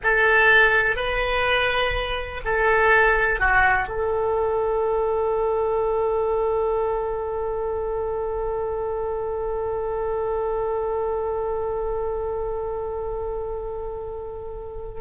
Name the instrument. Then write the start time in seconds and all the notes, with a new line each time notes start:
oboe
0.03 A4
0.96 B4
2.45 A4
3.39 F#4
3.88 A4